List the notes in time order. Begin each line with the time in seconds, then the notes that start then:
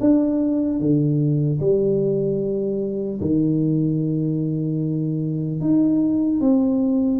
0.00 D4
0.80 D3
1.60 G3
3.20 D#3
5.61 D#4
6.41 C4